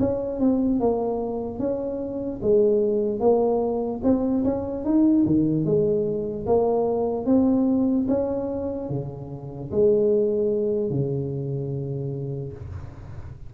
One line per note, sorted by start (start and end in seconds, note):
0.00 0.40 C#4
0.40 0.80 C4
0.80 1.59 A#3
1.59 2.40 C#4
2.43 3.20 G#3
3.20 4.01 A#3
4.04 4.44 C4
4.44 4.85 C#4
4.85 5.25 D#4
5.26 5.65 D#3
5.65 6.46 G#3
6.46 7.26 A#3
7.26 8.07 C4
8.09 8.90 C#4
8.90 9.71 C#3
9.71 10.91 G#3
10.91 12.53 C#3